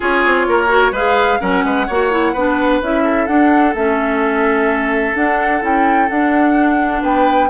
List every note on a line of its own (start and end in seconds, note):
0.00 0.25 C#4
0.00 0.68 F4
0.00 0.46 G#4
0.00 0.95 C#5
0.25 0.47 C4
0.47 0.91 A#3
0.47 0.92 A#4
0.68 0.91 F#4
0.91 1.38 G#3
0.91 1.39 G#4
0.91 1.39 B4
0.91 1.40 F5
1.39 1.64 F#3
1.39 1.86 C#4
1.39 1.64 A#4
1.39 2.81 F#5
1.64 1.87 G#3
1.64 1.86 B4
1.86 2.34 A#3
1.86 2.10 F#4
1.86 2.32 C#5
2.10 2.34 E4
2.32 2.80 B3
2.32 2.82 D4
2.32 3.03 B4
2.81 3.27 C#4
2.81 3.28 E4
2.81 3.26 E5
3.03 7.01 A4
3.26 3.74 D4
3.26 3.75 D4
3.26 3.73 F#5
3.74 5.14 A3
3.74 5.15 C#4
3.74 5.16 E5
5.15 5.61 D4
5.15 5.63 F#5
5.61 6.09 C#4
5.61 6.08 E4
5.61 6.09 G5
6.09 7.49 D4
6.09 7.03 D4
6.09 7.02 F#5
7.01 7.49 B3
7.01 7.48 B4
7.01 7.49 G5